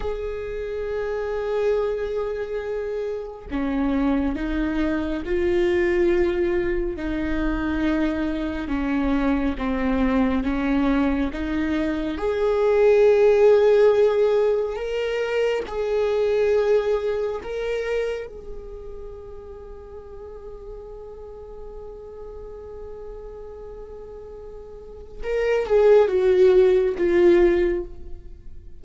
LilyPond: \new Staff \with { instrumentName = "viola" } { \time 4/4 \tempo 4 = 69 gis'1 | cis'4 dis'4 f'2 | dis'2 cis'4 c'4 | cis'4 dis'4 gis'2~ |
gis'4 ais'4 gis'2 | ais'4 gis'2.~ | gis'1~ | gis'4 ais'8 gis'8 fis'4 f'4 | }